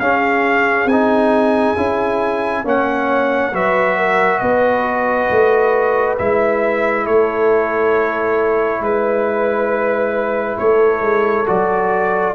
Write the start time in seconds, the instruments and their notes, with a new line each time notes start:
0.00 tuba C#4, trombone C#4, horn G#4, trumpet F5
0.85 tuba C4, trumpet G#5
0.92 trombone D#4
1.77 tuba C#4, trombone E4
2.65 tuba A#3, trombone C#4, horn C#5, trumpet F#5
3.53 tuba F#3, trombone F#4, horn B4, trumpet E5
3.97 horn A#4
4.39 tuba B3, horn B4, trumpet D#5
5.31 tuba A3
6.19 tuba G#3, trombone E4, trumpet E5
7.05 tuba A3, horn A4, trumpet C#5
8.81 tuba G#3, trumpet B4, horn B4
10.59 tuba A3, horn A4, trumpet C#5
11.02 tuba G#3
11.47 tuba F#3, trombone F#4, trumpet D5